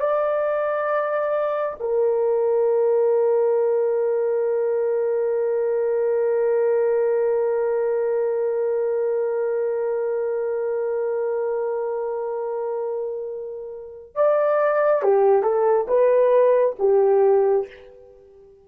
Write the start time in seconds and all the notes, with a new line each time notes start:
0.00 D5
1.80 A#4
14.15 D5
15.02 G4
15.43 A4
15.88 B4
16.79 G4